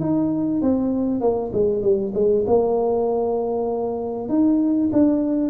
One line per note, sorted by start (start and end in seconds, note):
0.00 0.61 D#4
0.62 1.21 C4
1.21 1.51 A#3
1.53 1.82 G#3
1.82 2.13 G3
2.14 2.45 G#3
2.46 4.29 A#3
4.29 4.90 D#4
4.92 5.50 D4